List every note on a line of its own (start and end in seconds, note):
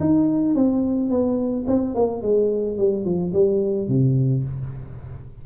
0.00 0.55 D#4
0.55 1.10 C4
1.10 1.66 B3
1.67 1.95 C4
1.95 2.22 A#3
2.22 2.78 G#3
2.78 3.05 G3
3.05 3.33 F3
3.33 3.88 G3
3.88 4.44 C3